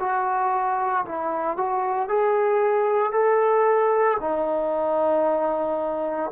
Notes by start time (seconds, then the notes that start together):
0.00 F#4
1.06 E4
1.58 F#4
2.09 G#4
3.12 A4
4.21 D#4